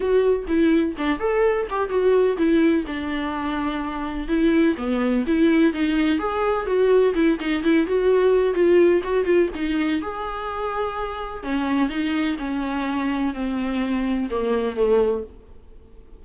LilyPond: \new Staff \with { instrumentName = "viola" } { \time 4/4 \tempo 4 = 126 fis'4 e'4 d'8 a'4 g'8 | fis'4 e'4 d'2~ | d'4 e'4 b4 e'4 | dis'4 gis'4 fis'4 e'8 dis'8 |
e'8 fis'4. f'4 fis'8 f'8 | dis'4 gis'2. | cis'4 dis'4 cis'2 | c'2 ais4 a4 | }